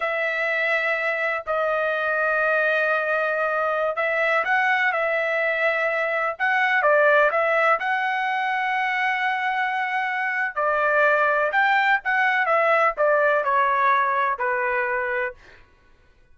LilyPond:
\new Staff \with { instrumentName = "trumpet" } { \time 4/4 \tempo 4 = 125 e''2. dis''4~ | dis''1~ | dis''16 e''4 fis''4 e''4.~ e''16~ | e''4~ e''16 fis''4 d''4 e''8.~ |
e''16 fis''2.~ fis''8.~ | fis''2 d''2 | g''4 fis''4 e''4 d''4 | cis''2 b'2 | }